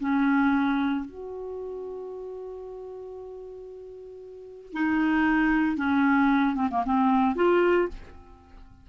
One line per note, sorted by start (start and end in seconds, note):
0.00 1.05 C#4
1.05 4.73 F#4
4.73 5.77 D#4
5.77 6.55 C#4
6.55 6.68 C4
6.71 6.84 A#3
6.85 7.36 C4
7.36 7.88 F4